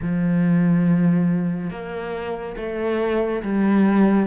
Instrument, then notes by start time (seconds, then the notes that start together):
cello
0.01 F3
1.70 A#3
2.56 A3
3.42 G3